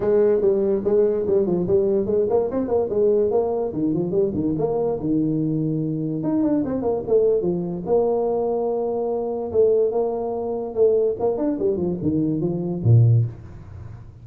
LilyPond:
\new Staff \with { instrumentName = "tuba" } { \time 4/4 \tempo 4 = 145 gis4 g4 gis4 g8 f8 | g4 gis8 ais8 c'8 ais8 gis4 | ais4 dis8 f8 g8 dis8 ais4 | dis2. dis'8 d'8 |
c'8 ais8 a4 f4 ais4~ | ais2. a4 | ais2 a4 ais8 d'8 | g8 f8 dis4 f4 ais,4 | }